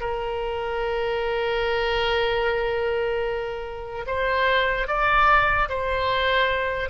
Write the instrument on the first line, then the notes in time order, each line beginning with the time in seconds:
oboe
0.00 A#4
4.06 C5
4.87 D5
5.69 C5